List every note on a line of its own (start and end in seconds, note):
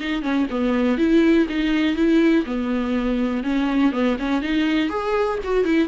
0.00 0.22 D#4
0.22 0.47 C#4
0.51 0.98 B3
0.98 1.47 E4
1.49 1.96 D#4
1.96 2.45 E4
2.46 3.44 B3
3.44 3.93 C#4
3.93 4.17 B3
4.19 4.42 C#4
4.42 4.90 D#4
4.90 5.39 G#4
5.44 5.65 F#4
5.65 5.88 E4